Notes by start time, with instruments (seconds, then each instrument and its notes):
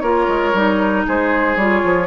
0.00 bassoon A#3, clarinet F4, oboe A#4, flute C#5
0.28 bassoon G#3
0.54 bassoon G3, clarinet D#4
1.07 bassoon G#3, oboe G#4, flute C5
1.56 bassoon G3, clarinet F4, flute C#5
1.84 bassoon F3